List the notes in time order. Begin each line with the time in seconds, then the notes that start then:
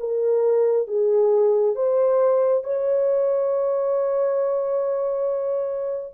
0.00 A#4
0.88 G#4
1.76 C5
2.64 C#5